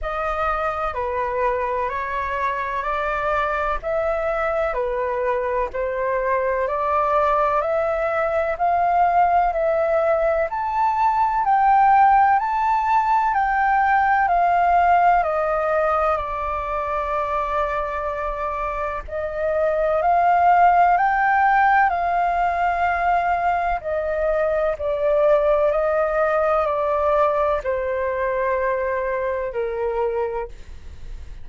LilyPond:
\new Staff \with { instrumentName = "flute" } { \time 4/4 \tempo 4 = 63 dis''4 b'4 cis''4 d''4 | e''4 b'4 c''4 d''4 | e''4 f''4 e''4 a''4 | g''4 a''4 g''4 f''4 |
dis''4 d''2. | dis''4 f''4 g''4 f''4~ | f''4 dis''4 d''4 dis''4 | d''4 c''2 ais'4 | }